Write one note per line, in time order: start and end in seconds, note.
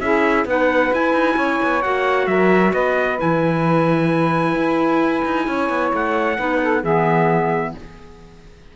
0.00 0.45 C#4
0.00 0.48 E4
0.00 0.47 G#4
0.00 0.45 E5
0.45 0.91 B3
0.45 0.93 D#4
0.45 1.36 B4
0.45 0.94 F#5
0.93 1.13 E4
0.93 1.83 E4
0.93 1.82 G#5
1.13 1.36 D#4
1.36 1.59 C#4
1.36 2.27 C#5
1.63 1.85 B3
1.82 2.27 A#3
1.82 3.18 F#4
1.82 2.27 F#5
2.27 2.73 F#3
2.27 2.73 A#4
2.27 2.73 E5
2.73 3.19 B3
2.73 5.45 B4
2.73 3.18 D#5
3.18 4.55 E3
3.18 6.36 E4
3.18 5.93 G#5
4.55 5.23 E4
5.25 5.47 D#4
5.46 5.69 C#4
5.46 6.37 C#5
5.69 5.92 B3
5.93 6.38 A3
5.93 6.84 F#5
6.37 6.83 B3
6.37 6.83 D#4
6.37 6.60 B4
6.62 6.82 A4
6.82 7.74 E3
6.82 7.76 B3
6.82 7.72 G#4
6.82 7.75 E5